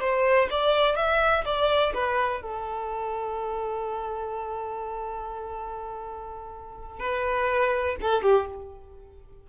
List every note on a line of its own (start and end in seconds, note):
0.00 0.48 C5
0.50 0.96 D5
0.96 1.44 E5
1.45 1.93 D5
1.94 2.41 B4
2.41 6.99 A4
6.99 7.96 B4
8.01 8.22 A4
8.22 8.47 G4